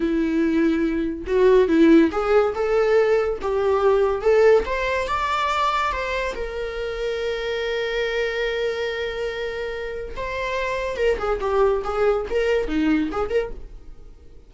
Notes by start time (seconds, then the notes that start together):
0.00 E4
1.27 F#4
1.68 E4
2.11 G#4
2.54 A4
3.41 G4
4.21 A4
4.65 C5
5.07 D5
5.92 C5
6.35 A#4
10.16 C5
10.96 A#4
11.18 G#4
11.40 G4
11.83 G#4
12.29 A#4
12.67 D#4
13.11 G#4
13.29 A#4